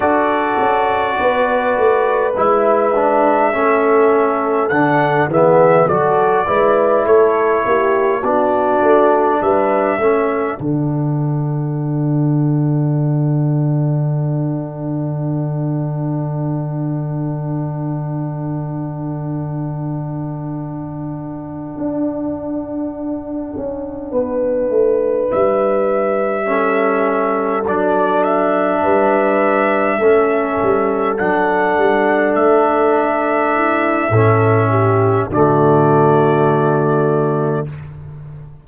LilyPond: <<
  \new Staff \with { instrumentName = "trumpet" } { \time 4/4 \tempo 4 = 51 d''2 e''2 | fis''8 e''8 d''4 cis''4 d''4 | e''4 fis''2.~ | fis''1~ |
fis''1~ | fis''4. e''2 d''8 | e''2~ e''8 fis''4 e''8~ | e''2 d''2 | }
  \new Staff \with { instrumentName = "horn" } { \time 4/4 a'4 b'2 a'4~ | a'8 gis'8 a'8 b'8 a'8 g'8 fis'4 | b'8 a'2.~ a'8~ | a'1~ |
a'1~ | a'8 b'2 a'4.~ | a'8 b'4 a'2~ a'8~ | a'8 e'8 a'8 g'8 fis'2 | }
  \new Staff \with { instrumentName = "trombone" } { \time 4/4 fis'2 e'8 d'8 cis'4 | d'8 b8 fis'8 e'4. d'4~ | d'8 cis'8 d'2.~ | d'1~ |
d'1~ | d'2~ d'8 cis'4 d'8~ | d'4. cis'4 d'4.~ | d'4 cis'4 a2 | }
  \new Staff \with { instrumentName = "tuba" } { \time 4/4 d'8 cis'8 b8 a8 gis4 a4 | d8 e8 fis8 gis8 a8 ais8 b8 a8 | g8 a8 d2.~ | d1~ |
d2~ d8 d'4. | cis'8 b8 a8 g2 fis8~ | fis8 g4 a8 g8 fis8 g8 a8~ | a4 a,4 d2 | }
>>